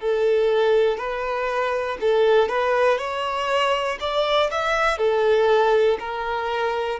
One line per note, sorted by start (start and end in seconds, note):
0.00 0.97 A4
0.97 1.97 B4
2.01 2.49 A4
2.49 2.99 B4
2.99 3.99 C#5
4.00 4.50 D5
4.51 4.98 E5
4.98 5.98 A4
6.00 7.00 A#4